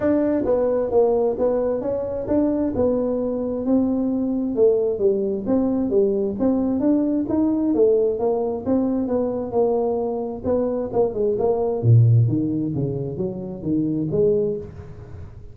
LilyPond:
\new Staff \with { instrumentName = "tuba" } { \time 4/4 \tempo 4 = 132 d'4 b4 ais4 b4 | cis'4 d'4 b2 | c'2 a4 g4 | c'4 g4 c'4 d'4 |
dis'4 a4 ais4 c'4 | b4 ais2 b4 | ais8 gis8 ais4 ais,4 dis4 | cis4 fis4 dis4 gis4 | }